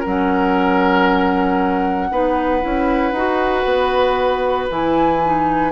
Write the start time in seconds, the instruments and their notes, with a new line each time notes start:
0.00 bassoon F#3, clarinet C#4, oboe A#4, flute F#5
2.11 bassoon B3, clarinet D#4, oboe B4
2.61 bassoon C#4, clarinet E4
3.12 bassoon D#4, clarinet F#4
3.65 bassoon B3
4.70 bassoon E3, clarinet E4, flute G#5
5.24 clarinet D#4